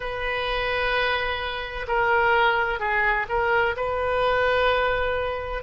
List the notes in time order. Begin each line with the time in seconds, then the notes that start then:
0.00 B4
1.87 A#4
2.79 G#4
3.29 A#4
3.76 B4